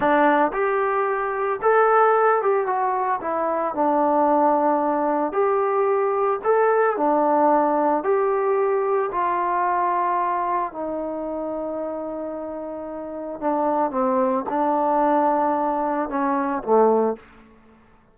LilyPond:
\new Staff \with { instrumentName = "trombone" } { \time 4/4 \tempo 4 = 112 d'4 g'2 a'4~ | a'8 g'8 fis'4 e'4 d'4~ | d'2 g'2 | a'4 d'2 g'4~ |
g'4 f'2. | dis'1~ | dis'4 d'4 c'4 d'4~ | d'2 cis'4 a4 | }